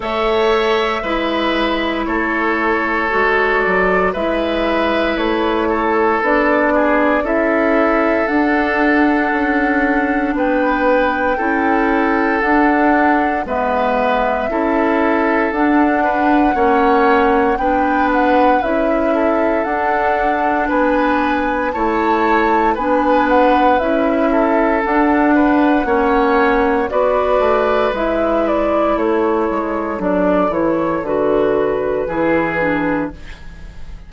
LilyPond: <<
  \new Staff \with { instrumentName = "flute" } { \time 4/4 \tempo 4 = 58 e''2 cis''4. d''8 | e''4 cis''4 d''4 e''4 | fis''2 g''2 | fis''4 e''2 fis''4~ |
fis''4 g''8 fis''8 e''4 fis''4 | gis''4 a''4 gis''8 fis''8 e''4 | fis''2 d''4 e''8 d''8 | cis''4 d''8 cis''8 b'2 | }
  \new Staff \with { instrumentName = "oboe" } { \time 4/4 cis''4 b'4 a'2 | b'4. a'4 gis'8 a'4~ | a'2 b'4 a'4~ | a'4 b'4 a'4. b'8 |
cis''4 b'4. a'4. | b'4 cis''4 b'4. a'8~ | a'8 b'8 cis''4 b'2 | a'2. gis'4 | }
  \new Staff \with { instrumentName = "clarinet" } { \time 4/4 a'4 e'2 fis'4 | e'2 d'4 e'4 | d'2. e'4 | d'4 b4 e'4 d'4 |
cis'4 d'4 e'4 d'4~ | d'4 e'4 d'4 e'4 | d'4 cis'4 fis'4 e'4~ | e'4 d'8 e'8 fis'4 e'8 d'8 | }
  \new Staff \with { instrumentName = "bassoon" } { \time 4/4 a4 gis4 a4 gis8 fis8 | gis4 a4 b4 cis'4 | d'4 cis'4 b4 cis'4 | d'4 gis4 cis'4 d'4 |
ais4 b4 cis'4 d'4 | b4 a4 b4 cis'4 | d'4 ais4 b8 a8 gis4 | a8 gis8 fis8 e8 d4 e4 | }
>>